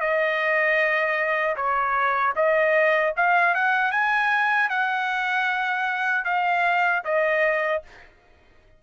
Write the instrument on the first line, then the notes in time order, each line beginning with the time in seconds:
trumpet
0.00 D#5
1.56 C#5
2.36 D#5
3.17 F5
3.55 F#5
3.91 G#5
4.70 F#5
6.25 F5
7.05 D#5